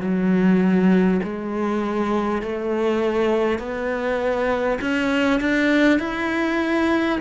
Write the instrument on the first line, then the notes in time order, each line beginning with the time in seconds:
cello
0.00 F#3
1.23 G#3
2.42 A3
3.58 B3
4.81 C#4
5.40 D4
5.99 E4